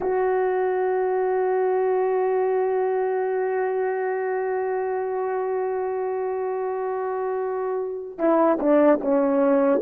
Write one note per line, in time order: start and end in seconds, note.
0.00 8.18 F#4
8.18 8.58 E4
8.59 8.99 D4
9.01 9.81 C#4